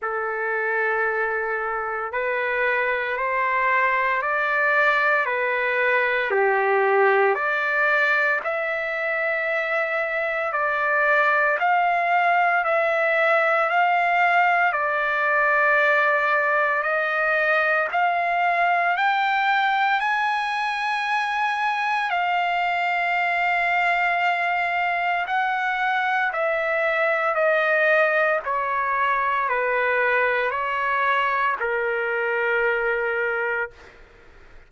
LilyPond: \new Staff \with { instrumentName = "trumpet" } { \time 4/4 \tempo 4 = 57 a'2 b'4 c''4 | d''4 b'4 g'4 d''4 | e''2 d''4 f''4 | e''4 f''4 d''2 |
dis''4 f''4 g''4 gis''4~ | gis''4 f''2. | fis''4 e''4 dis''4 cis''4 | b'4 cis''4 ais'2 | }